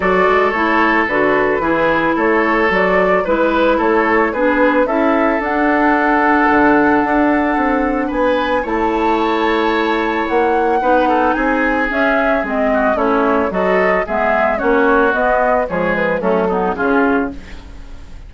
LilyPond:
<<
  \new Staff \with { instrumentName = "flute" } { \time 4/4 \tempo 4 = 111 d''4 cis''4 b'2 | cis''4 d''4 b'4 cis''4 | b'4 e''4 fis''2~ | fis''2. gis''4 |
a''2. fis''4~ | fis''4 gis''4 e''4 dis''4 | cis''4 dis''4 e''4 cis''4 | dis''4 cis''8 b'8 a'4 gis'4 | }
  \new Staff \with { instrumentName = "oboe" } { \time 4/4 a'2. gis'4 | a'2 b'4 a'4 | gis'4 a'2.~ | a'2. b'4 |
cis''1 | b'8 a'8 gis'2~ gis'8 fis'8 | e'4 a'4 gis'4 fis'4~ | fis'4 gis'4 cis'8 dis'8 f'4 | }
  \new Staff \with { instrumentName = "clarinet" } { \time 4/4 fis'4 e'4 fis'4 e'4~ | e'4 fis'4 e'2 | d'4 e'4 d'2~ | d'1 |
e'1 | dis'2 cis'4 c'4 | cis'4 fis'4 b4 cis'4 | b4 gis4 a8 b8 cis'4 | }
  \new Staff \with { instrumentName = "bassoon" } { \time 4/4 fis8 gis8 a4 d4 e4 | a4 fis4 gis4 a4 | b4 cis'4 d'2 | d4 d'4 c'4 b4 |
a2. ais4 | b4 c'4 cis'4 gis4 | a4 fis4 gis4 ais4 | b4 f4 fis4 cis4 | }
>>